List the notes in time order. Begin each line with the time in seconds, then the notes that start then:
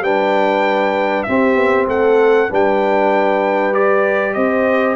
0.00 G3 D4 B4 G5
1.23 C4 G4 E5
1.55 B3
1.87 A3 A4 F#5
2.49 G3 D4 B4 G5
3.73 G4 D5
4.33 C4 C5 D#5